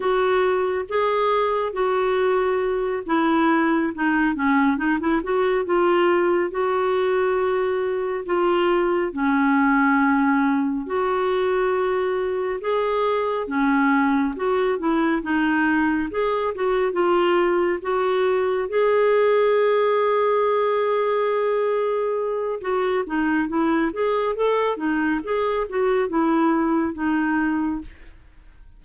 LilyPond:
\new Staff \with { instrumentName = "clarinet" } { \time 4/4 \tempo 4 = 69 fis'4 gis'4 fis'4. e'8~ | e'8 dis'8 cis'8 dis'16 e'16 fis'8 f'4 fis'8~ | fis'4. f'4 cis'4.~ | cis'8 fis'2 gis'4 cis'8~ |
cis'8 fis'8 e'8 dis'4 gis'8 fis'8 f'8~ | f'8 fis'4 gis'2~ gis'8~ | gis'2 fis'8 dis'8 e'8 gis'8 | a'8 dis'8 gis'8 fis'8 e'4 dis'4 | }